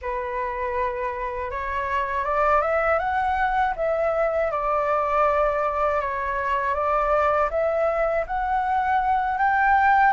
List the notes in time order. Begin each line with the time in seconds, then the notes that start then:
0.01 B4
1.50 C#5
2.24 D5
2.61 E5
2.98 F#5
3.76 E5
4.51 D5
6.00 C#5
6.74 D5
7.50 E5
8.26 F#5
9.38 G5